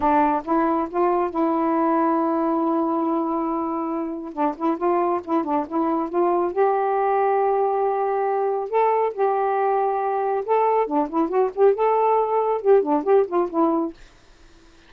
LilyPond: \new Staff \with { instrumentName = "saxophone" } { \time 4/4 \tempo 4 = 138 d'4 e'4 f'4 e'4~ | e'1~ | e'2 d'8 e'8 f'4 | e'8 d'8 e'4 f'4 g'4~ |
g'1 | a'4 g'2. | a'4 d'8 e'8 fis'8 g'8 a'4~ | a'4 g'8 d'8 g'8 f'8 e'4 | }